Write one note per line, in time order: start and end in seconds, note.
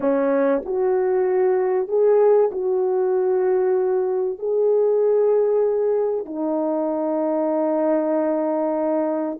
0.00 0.62 C#4
0.65 1.88 F#4
1.88 2.50 G#4
2.51 4.39 F#4
4.39 6.25 G#4
6.25 9.38 D#4